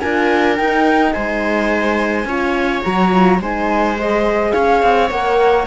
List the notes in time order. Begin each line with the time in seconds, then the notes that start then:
0.00 D4 F4 A#4 G#5
0.57 D#4 G5
1.13 G#3 C5 G#5
2.25 C#4 F4 C#5
2.83 F#3 F#4 A#5
3.12 F4
3.40 G#3 D#4 C5 G#5
3.96 G#4 D#5
4.52 C#4 C#5 F5
4.83 C4
5.10 A#3 A#4 F#5